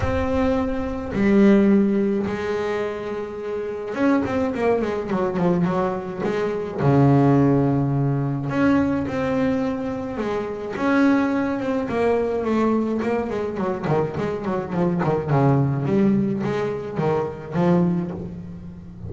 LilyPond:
\new Staff \with { instrumentName = "double bass" } { \time 4/4 \tempo 4 = 106 c'2 g2 | gis2. cis'8 c'8 | ais8 gis8 fis8 f8 fis4 gis4 | cis2. cis'4 |
c'2 gis4 cis'4~ | cis'8 c'8 ais4 a4 ais8 gis8 | fis8 dis8 gis8 fis8 f8 dis8 cis4 | g4 gis4 dis4 f4 | }